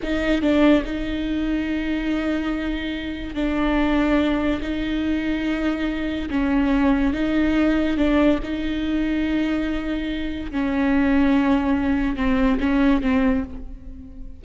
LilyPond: \new Staff \with { instrumentName = "viola" } { \time 4/4 \tempo 4 = 143 dis'4 d'4 dis'2~ | dis'1 | d'2. dis'4~ | dis'2. cis'4~ |
cis'4 dis'2 d'4 | dis'1~ | dis'4 cis'2.~ | cis'4 c'4 cis'4 c'4 | }